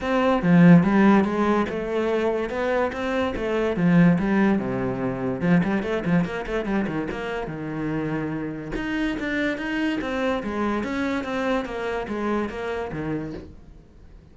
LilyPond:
\new Staff \with { instrumentName = "cello" } { \time 4/4 \tempo 4 = 144 c'4 f4 g4 gis4 | a2 b4 c'4 | a4 f4 g4 c4~ | c4 f8 g8 a8 f8 ais8 a8 |
g8 dis8 ais4 dis2~ | dis4 dis'4 d'4 dis'4 | c'4 gis4 cis'4 c'4 | ais4 gis4 ais4 dis4 | }